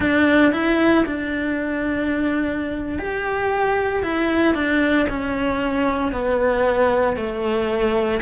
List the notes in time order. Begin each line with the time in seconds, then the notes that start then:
0.00 D4
0.52 E4
1.06 D4
2.98 G4
4.02 E4
4.54 D4
5.09 C#4
6.12 B3
7.16 A3